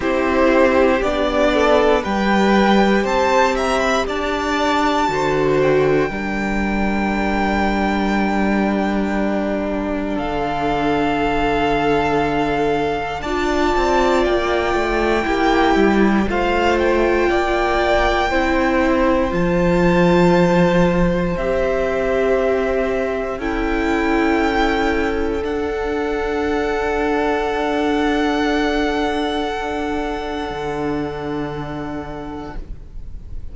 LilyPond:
<<
  \new Staff \with { instrumentName = "violin" } { \time 4/4 \tempo 4 = 59 c''4 d''4 g''4 a''8 ais''16 b''16 | a''4. g''2~ g''8~ | g''2 f''2~ | f''4 a''4 g''2 |
f''8 g''2~ g''8 a''4~ | a''4 e''2 g''4~ | g''4 fis''2.~ | fis''1 | }
  \new Staff \with { instrumentName = "violin" } { \time 4/4 g'4. a'8 b'4 c''8 e''8 | d''4 c''4 ais'2~ | ais'2 a'2~ | a'4 d''2 g'4 |
c''4 d''4 c''2~ | c''2. a'4~ | a'1~ | a'1 | }
  \new Staff \with { instrumentName = "viola" } { \time 4/4 e'4 d'4 g'2~ | g'4 fis'4 d'2~ | d'1~ | d'4 f'2 e'4 |
f'2 e'4 f'4~ | f'4 g'2 e'4~ | e'4 d'2.~ | d'1 | }
  \new Staff \with { instrumentName = "cello" } { \time 4/4 c'4 b4 g4 c'4 | d'4 d4 g2~ | g2 d2~ | d4 d'8 c'8 ais8 a8 ais8 g8 |
a4 ais4 c'4 f4~ | f4 c'2 cis'4~ | cis'4 d'2.~ | d'2 d2 | }
>>